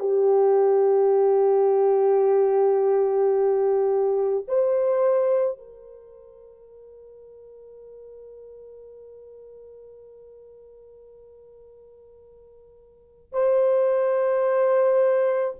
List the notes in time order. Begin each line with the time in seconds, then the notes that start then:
0.00 G4
4.47 C5
5.58 A#4
13.32 C5